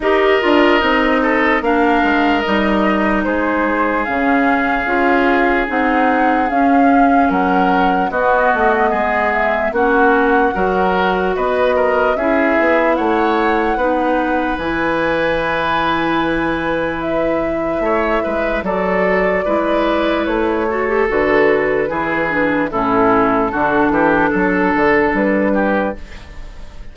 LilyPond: <<
  \new Staff \with { instrumentName = "flute" } { \time 4/4 \tempo 4 = 74 dis''2 f''4 dis''4 | c''4 f''2 fis''4 | f''4 fis''4 dis''4. e''8 | fis''2 dis''4 e''4 |
fis''2 gis''2~ | gis''4 e''2 d''4~ | d''4 cis''4 b'2 | a'2. b'4 | }
  \new Staff \with { instrumentName = "oboe" } { \time 4/4 ais'4. a'8 ais'2 | gis'1~ | gis'4 ais'4 fis'4 gis'4 | fis'4 ais'4 b'8 ais'8 gis'4 |
cis''4 b'2.~ | b'2 cis''8 b'8 a'4 | b'4. a'4. gis'4 | e'4 fis'8 g'8 a'4. g'8 | }
  \new Staff \with { instrumentName = "clarinet" } { \time 4/4 g'8 f'8 dis'4 d'4 dis'4~ | dis'4 cis'4 f'4 dis'4 | cis'2 b2 | cis'4 fis'2 e'4~ |
e'4 dis'4 e'2~ | e'2. fis'4 | e'4. fis'16 g'16 fis'4 e'8 d'8 | cis'4 d'2. | }
  \new Staff \with { instrumentName = "bassoon" } { \time 4/4 dis'8 d'8 c'4 ais8 gis8 g4 | gis4 cis4 cis'4 c'4 | cis'4 fis4 b8 a8 gis4 | ais4 fis4 b4 cis'8 b8 |
a4 b4 e2~ | e2 a8 gis8 fis4 | gis4 a4 d4 e4 | a,4 d8 e8 fis8 d8 g4 | }
>>